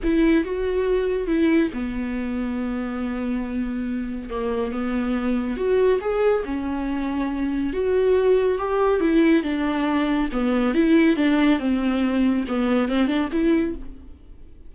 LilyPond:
\new Staff \with { instrumentName = "viola" } { \time 4/4 \tempo 4 = 140 e'4 fis'2 e'4 | b1~ | b2 ais4 b4~ | b4 fis'4 gis'4 cis'4~ |
cis'2 fis'2 | g'4 e'4 d'2 | b4 e'4 d'4 c'4~ | c'4 b4 c'8 d'8 e'4 | }